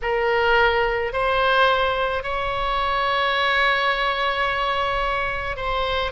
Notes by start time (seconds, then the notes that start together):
0.02 A#4
1.13 C5
2.23 C#5
5.56 C5